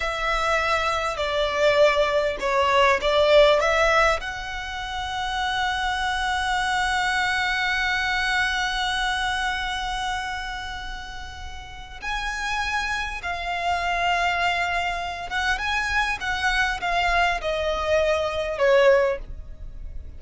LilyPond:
\new Staff \with { instrumentName = "violin" } { \time 4/4 \tempo 4 = 100 e''2 d''2 | cis''4 d''4 e''4 fis''4~ | fis''1~ | fis''1~ |
fis''1 | gis''2 f''2~ | f''4. fis''8 gis''4 fis''4 | f''4 dis''2 cis''4 | }